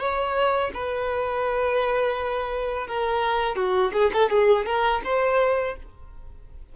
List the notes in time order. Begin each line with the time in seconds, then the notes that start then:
0.00 C#5
0.74 B4
2.88 A#4
3.56 F#4
3.93 G#4
4.13 A4
4.30 G#4
4.66 A#4
5.05 C5